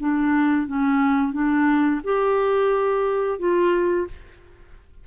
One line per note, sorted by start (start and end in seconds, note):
0.00 0.68 D4
0.68 1.33 C#4
1.33 2.01 D4
2.04 3.39 G4
3.39 4.08 F4